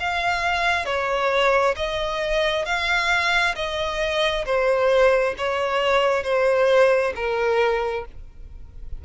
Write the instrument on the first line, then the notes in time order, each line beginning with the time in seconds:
violin
0.00 F5
0.85 C#5
1.76 D#5
2.65 F5
3.55 D#5
4.45 C5
5.38 C#5
6.24 C5
7.16 A#4